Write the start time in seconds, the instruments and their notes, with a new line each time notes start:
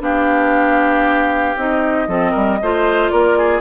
0.00 bassoon B3, clarinet D4, oboe G4, flute F5
1.57 bassoon C4, clarinet D#4, flute D#5
2.08 bassoon F3, clarinet C4, oboe A4
2.31 bassoon G3, oboe A#4
2.62 bassoon A3, clarinet F4, oboe C5
3.10 bassoon A#3, oboe A#4, flute D5
3.38 oboe G#4